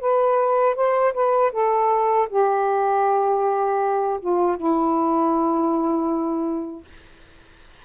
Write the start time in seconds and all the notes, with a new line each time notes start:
0.00 B4
0.75 C5
1.14 B4
1.52 A4
2.29 G4
4.20 F4
4.57 E4